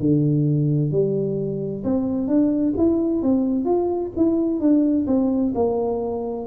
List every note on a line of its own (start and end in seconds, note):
0.00 0.91 D3
0.91 1.84 G3
1.84 2.28 C4
2.28 2.74 D4
2.77 3.23 E4
3.23 3.65 C4
3.65 4.11 F4
4.17 4.60 E4
4.60 5.06 D4
5.07 5.53 C4
5.55 6.47 A#3